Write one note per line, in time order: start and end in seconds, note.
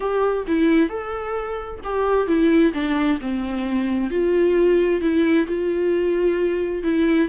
0.00 0.46 G4
0.47 0.89 E4
0.89 1.80 A4
1.83 2.27 G4
2.27 2.72 E4
2.73 3.19 D4
3.20 4.10 C4
4.10 5.01 F4
5.01 5.46 E4
5.47 6.83 F4
6.83 7.28 E4